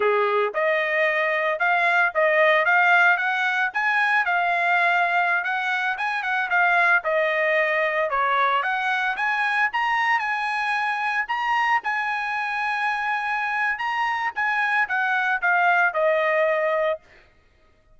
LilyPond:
\new Staff \with { instrumentName = "trumpet" } { \time 4/4 \tempo 4 = 113 gis'4 dis''2 f''4 | dis''4 f''4 fis''4 gis''4 | f''2~ f''16 fis''4 gis''8 fis''16~ | fis''16 f''4 dis''2 cis''8.~ |
cis''16 fis''4 gis''4 ais''4 gis''8.~ | gis''4~ gis''16 ais''4 gis''4.~ gis''16~ | gis''2 ais''4 gis''4 | fis''4 f''4 dis''2 | }